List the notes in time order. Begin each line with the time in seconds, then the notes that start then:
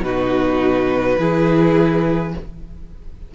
0.00 B2 D#4 F#4 B4
1.18 E3 E4 G#4